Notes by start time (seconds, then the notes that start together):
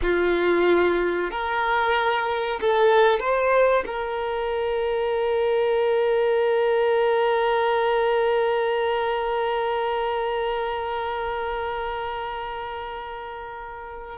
0.02 F4
1.30 A#4
2.60 A4
3.19 C5
3.86 A#4